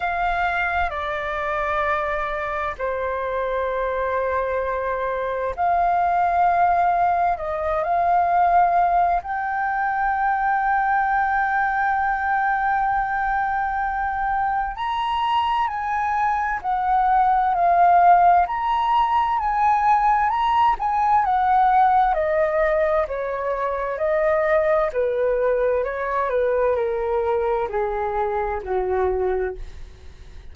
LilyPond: \new Staff \with { instrumentName = "flute" } { \time 4/4 \tempo 4 = 65 f''4 d''2 c''4~ | c''2 f''2 | dis''8 f''4. g''2~ | g''1 |
ais''4 gis''4 fis''4 f''4 | ais''4 gis''4 ais''8 gis''8 fis''4 | dis''4 cis''4 dis''4 b'4 | cis''8 b'8 ais'4 gis'4 fis'4 | }